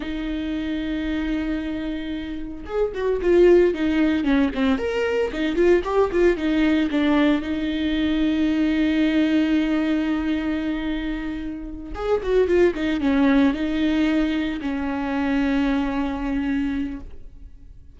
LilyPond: \new Staff \with { instrumentName = "viola" } { \time 4/4 \tempo 4 = 113 dis'1~ | dis'4 gis'8 fis'8 f'4 dis'4 | cis'8 c'8 ais'4 dis'8 f'8 g'8 f'8 | dis'4 d'4 dis'2~ |
dis'1~ | dis'2~ dis'8 gis'8 fis'8 f'8 | dis'8 cis'4 dis'2 cis'8~ | cis'1 | }